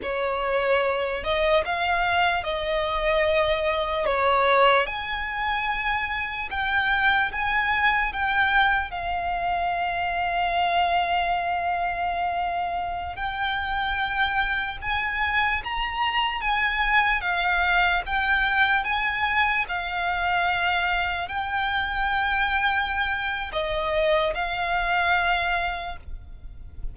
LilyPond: \new Staff \with { instrumentName = "violin" } { \time 4/4 \tempo 4 = 74 cis''4. dis''8 f''4 dis''4~ | dis''4 cis''4 gis''2 | g''4 gis''4 g''4 f''4~ | f''1~ |
f''16 g''2 gis''4 ais''8.~ | ais''16 gis''4 f''4 g''4 gis''8.~ | gis''16 f''2 g''4.~ g''16~ | g''4 dis''4 f''2 | }